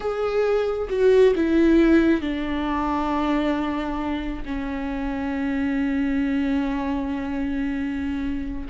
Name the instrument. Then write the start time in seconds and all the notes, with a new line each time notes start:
viola
0.00 G#4
0.89 F#4
1.35 E4
2.21 D4
4.45 C#4